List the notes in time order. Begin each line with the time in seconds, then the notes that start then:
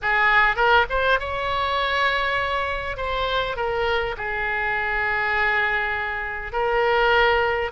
0.01 G#4
0.56 A#4
0.89 C5
1.19 C#5
2.96 C5
3.56 A#4
4.17 G#4
6.52 A#4